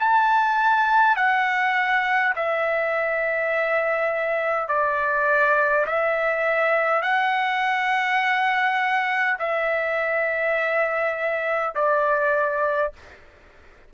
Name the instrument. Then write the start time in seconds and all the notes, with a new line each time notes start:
trumpet
0.00 A5
1.17 F#5
2.36 E5
4.68 D5
5.87 E5
7.03 F#5
9.40 E5
11.75 D5